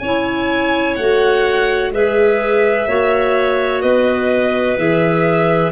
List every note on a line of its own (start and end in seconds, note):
0.00 0.97 C#4
0.00 1.00 E4
0.00 1.92 C#5
0.00 0.95 G#5
0.96 1.92 A3
0.96 1.94 F#4
0.96 1.91 F#5
1.92 2.87 G#3
1.92 2.88 G#4
1.92 2.88 B4
1.92 3.82 E5
2.88 3.83 A#3
2.88 4.78 F#4
2.88 3.83 C#5
3.82 4.78 B3
3.82 5.73 B4
3.82 4.77 D#5
4.78 5.73 E3
4.78 5.73 G#4
4.78 5.73 E5